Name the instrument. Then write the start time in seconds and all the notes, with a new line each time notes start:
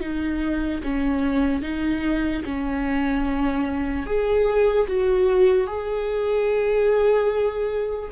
viola
0.00 D#4
0.83 C#4
1.62 D#4
2.44 C#4
4.06 G#4
4.87 F#4
5.67 G#4